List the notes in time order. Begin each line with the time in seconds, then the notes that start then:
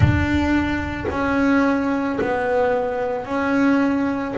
0.00 D4
1.10 C#4
2.21 B3
3.25 C#4